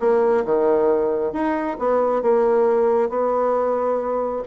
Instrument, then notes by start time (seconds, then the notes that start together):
bassoon
0.00 A#3
0.45 D#3
1.33 D#4
1.79 B3
2.22 A#3
3.09 B3